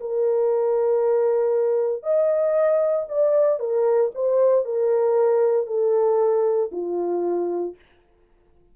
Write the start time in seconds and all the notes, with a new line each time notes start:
0.00 A#4
2.03 D#5
3.08 D5
3.59 A#4
4.14 C5
4.65 A#4
5.66 A4
6.72 F4